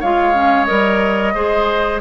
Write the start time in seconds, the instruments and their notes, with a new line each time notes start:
0.00 bassoon G#3, clarinet F4, oboe C#5, flute F5
0.34 clarinet C#4
0.65 bassoon G3, clarinet A#4, flute D#5
1.34 bassoon G#3, clarinet G#4, oboe C5